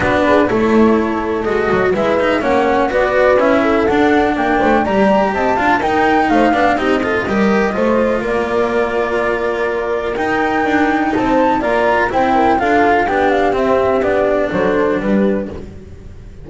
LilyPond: <<
  \new Staff \with { instrumentName = "flute" } { \time 4/4 \tempo 4 = 124 b'4 cis''2 dis''4 | e''4 fis''4 d''4 e''4 | fis''4 g''4 ais''4 a''4 | g''4 f''4 dis''2~ |
dis''4 d''2.~ | d''4 g''2 a''4 | ais''4 g''4 f''4 g''8 f''8 | e''4 d''4 c''4 b'4 | }
  \new Staff \with { instrumentName = "horn" } { \time 4/4 fis'8 gis'8 a'2. | b'4 cis''4 b'4. a'8~ | a'4 ais'8 c''8 d''4 dis''8 f''8 | ais'4 c''8 d''8 g'8 a'8 ais'4 |
c''4 ais'2.~ | ais'2. c''4 | d''4 c''8 ais'8 a'4 g'4~ | g'2 a'4 g'4 | }
  \new Staff \with { instrumentName = "cello" } { \time 4/4 d'4 e'2 fis'4 | e'8 dis'8 cis'4 fis'4 e'4 | d'2 g'4. f'8 | dis'4. d'8 dis'8 f'8 g'4 |
f'1~ | f'4 dis'2. | f'4 e'4 f'4 d'4 | c'4 d'2. | }
  \new Staff \with { instrumentName = "double bass" } { \time 4/4 b4 a2 gis8 fis8 | gis4 ais4 b4 cis'4 | d'4 ais8 a8 g4 c'8 d'8 | dis'4 a8 b8 c'4 g4 |
a4 ais2.~ | ais4 dis'4 d'4 c'4 | ais4 c'4 d'4 b4 | c'4 b4 fis4 g4 | }
>>